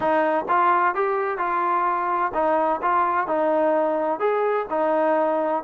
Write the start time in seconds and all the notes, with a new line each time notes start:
0.00 D#4
0.48 F4
0.94 G4
1.38 F4
2.34 D#4
2.81 F4
3.27 D#4
4.19 G#4
4.69 D#4